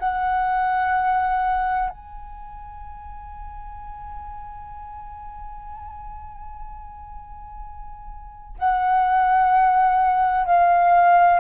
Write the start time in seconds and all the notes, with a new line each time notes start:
0.00 F#5
1.90 G#5
8.59 F#5
10.46 F5